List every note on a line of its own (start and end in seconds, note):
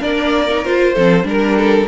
0.00 0.66 A#3
0.00 0.48 D4
0.00 0.93 A#4
0.00 0.65 D5
0.50 0.64 D#4
0.64 0.96 F4
0.64 0.97 F4
0.64 1.27 C5
0.93 1.23 F3
0.93 1.24 C4
0.93 1.25 A4
1.23 1.86 G3
1.23 1.86 D4
1.23 1.88 A#4
1.23 1.57 A#4
1.57 1.88 A4